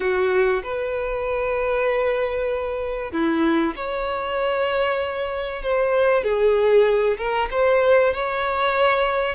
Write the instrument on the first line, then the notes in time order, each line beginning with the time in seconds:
violin
0.00 F#4
0.63 B4
3.12 E4
3.76 C#5
5.62 C5
6.23 G#4
7.17 A#4
7.51 C5
8.13 C#5